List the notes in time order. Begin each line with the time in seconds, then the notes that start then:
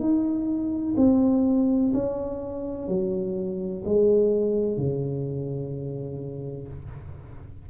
0.00 D#4
0.97 C4
1.94 C#4
2.88 F#3
3.85 G#3
4.77 C#3